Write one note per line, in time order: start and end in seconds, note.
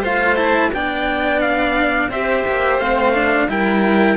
0.00 0.70 A3
0.00 0.36 F4
0.00 0.69 C5
0.00 0.36 F5
0.36 0.70 E4
0.36 0.70 A5
0.73 2.08 B3
0.73 2.11 D4
0.73 2.09 D5
0.73 1.40 G5
1.40 2.09 F5
2.08 2.43 C4
2.08 2.81 G4
2.08 3.47 C5
2.08 2.79 E5
2.47 2.78 A#3
2.78 3.47 A3
2.78 3.14 C4
2.78 3.48 F5
3.14 3.48 D4
3.48 4.17 G3
3.48 4.17 E4
3.48 4.17 A#4
3.48 4.17 G5